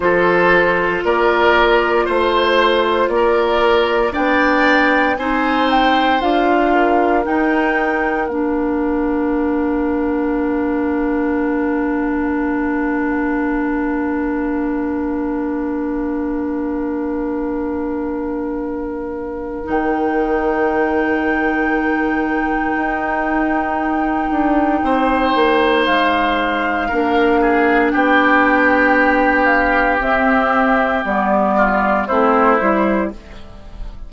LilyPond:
<<
  \new Staff \with { instrumentName = "flute" } { \time 4/4 \tempo 4 = 58 c''4 d''4 c''4 d''4 | g''4 gis''8 g''8 f''4 g''4 | f''1~ | f''1~ |
f''2. g''4~ | g''1~ | g''4 f''2 g''4~ | g''8 f''8 e''4 d''4 c''4 | }
  \new Staff \with { instrumentName = "oboe" } { \time 4/4 a'4 ais'4 c''4 ais'4 | d''4 c''4. ais'4.~ | ais'1~ | ais'1~ |
ais'1~ | ais'1 | c''2 ais'8 gis'8 g'4~ | g'2~ g'8 f'8 e'4 | }
  \new Staff \with { instrumentName = "clarinet" } { \time 4/4 f'1 | d'4 dis'4 f'4 dis'4 | d'1~ | d'1~ |
d'2. dis'4~ | dis'1~ | dis'2 d'2~ | d'4 c'4 b4 c'8 e'8 | }
  \new Staff \with { instrumentName = "bassoon" } { \time 4/4 f4 ais4 a4 ais4 | b4 c'4 d'4 dis'4 | ais1~ | ais1~ |
ais2. dis4~ | dis2 dis'4. d'8 | c'8 ais8 gis4 ais4 b4~ | b4 c'4 g4 a8 g8 | }
>>